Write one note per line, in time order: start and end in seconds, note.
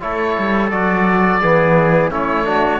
0.00 0.37 A3
0.00 0.70 E4
0.00 1.41 A4
0.00 0.70 C#5
0.38 0.72 G3
0.70 1.41 F#3
0.70 1.41 F#4
0.70 2.10 D5
1.41 2.11 E3
1.41 2.10 B3
1.41 2.11 G#4
2.10 2.80 A3
2.10 2.44 C#4
2.10 2.46 E4
2.10 2.80 C#5
2.44 2.79 D4
2.44 2.80 F#4